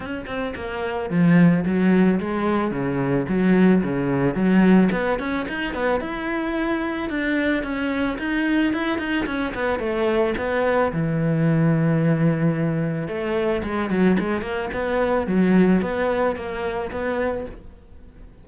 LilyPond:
\new Staff \with { instrumentName = "cello" } { \time 4/4 \tempo 4 = 110 cis'8 c'8 ais4 f4 fis4 | gis4 cis4 fis4 cis4 | fis4 b8 cis'8 dis'8 b8 e'4~ | e'4 d'4 cis'4 dis'4 |
e'8 dis'8 cis'8 b8 a4 b4 | e1 | a4 gis8 fis8 gis8 ais8 b4 | fis4 b4 ais4 b4 | }